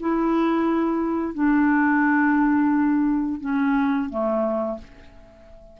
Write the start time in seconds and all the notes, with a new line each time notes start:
0.00 E4
1.34 D4
3.40 C#4
4.09 A3